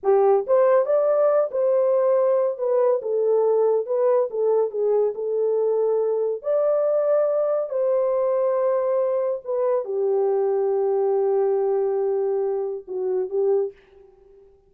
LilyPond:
\new Staff \with { instrumentName = "horn" } { \time 4/4 \tempo 4 = 140 g'4 c''4 d''4. c''8~ | c''2 b'4 a'4~ | a'4 b'4 a'4 gis'4 | a'2. d''4~ |
d''2 c''2~ | c''2 b'4 g'4~ | g'1~ | g'2 fis'4 g'4 | }